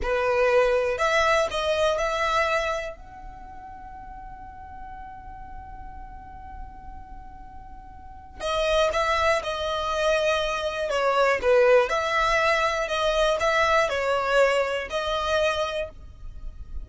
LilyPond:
\new Staff \with { instrumentName = "violin" } { \time 4/4 \tempo 4 = 121 b'2 e''4 dis''4 | e''2 fis''2~ | fis''1~ | fis''1~ |
fis''4 dis''4 e''4 dis''4~ | dis''2 cis''4 b'4 | e''2 dis''4 e''4 | cis''2 dis''2 | }